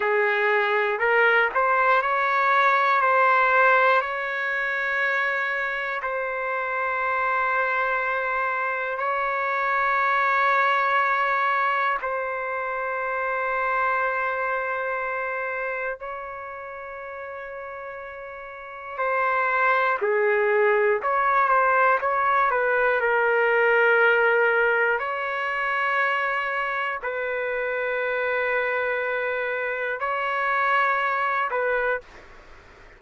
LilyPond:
\new Staff \with { instrumentName = "trumpet" } { \time 4/4 \tempo 4 = 60 gis'4 ais'8 c''8 cis''4 c''4 | cis''2 c''2~ | c''4 cis''2. | c''1 |
cis''2. c''4 | gis'4 cis''8 c''8 cis''8 b'8 ais'4~ | ais'4 cis''2 b'4~ | b'2 cis''4. b'8 | }